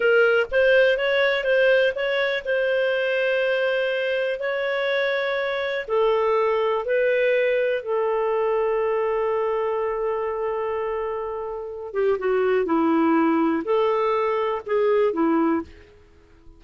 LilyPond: \new Staff \with { instrumentName = "clarinet" } { \time 4/4 \tempo 4 = 123 ais'4 c''4 cis''4 c''4 | cis''4 c''2.~ | c''4 cis''2. | a'2 b'2 |
a'1~ | a'1~ | a'8 g'8 fis'4 e'2 | a'2 gis'4 e'4 | }